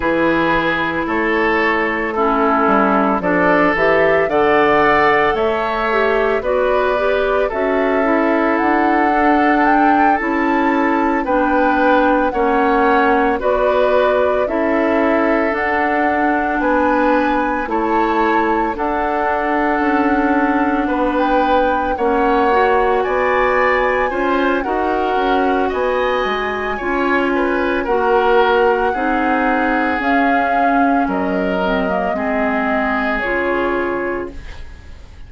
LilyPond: <<
  \new Staff \with { instrumentName = "flute" } { \time 4/4 \tempo 4 = 56 b'4 cis''4 a'4 d''8 e''8 | fis''4 e''4 d''4 e''4 | fis''4 g''8 a''4 g''4 fis''8~ | fis''8 d''4 e''4 fis''4 gis''8~ |
gis''8 a''4 fis''2~ fis''16 g''16~ | g''8 fis''4 gis''4. fis''4 | gis''2 fis''2 | f''4 dis''2 cis''4 | }
  \new Staff \with { instrumentName = "oboe" } { \time 4/4 gis'4 a'4 e'4 a'4 | d''4 cis''4 b'4 a'4~ | a'2~ a'8 b'4 cis''8~ | cis''8 b'4 a'2 b'8~ |
b'8 cis''4 a'2 b'8~ | b'8 cis''4 d''4 c''8 ais'4 | dis''4 cis''8 b'8 ais'4 gis'4~ | gis'4 ais'4 gis'2 | }
  \new Staff \with { instrumentName = "clarinet" } { \time 4/4 e'2 cis'4 d'8 g'8 | a'4. g'8 fis'8 g'8 fis'8 e'8~ | e'8 d'4 e'4 d'4 cis'8~ | cis'8 fis'4 e'4 d'4.~ |
d'8 e'4 d'2~ d'8~ | d'8 cis'8 fis'4. f'8 fis'4~ | fis'4 f'4 fis'4 dis'4 | cis'4. c'16 ais16 c'4 f'4 | }
  \new Staff \with { instrumentName = "bassoon" } { \time 4/4 e4 a4. g8 f8 e8 | d4 a4 b4 cis'4 | d'4. cis'4 b4 ais8~ | ais8 b4 cis'4 d'4 b8~ |
b8 a4 d'4 cis'4 b8~ | b8 ais4 b4 cis'8 dis'8 cis'8 | b8 gis8 cis'4 ais4 c'4 | cis'4 fis4 gis4 cis4 | }
>>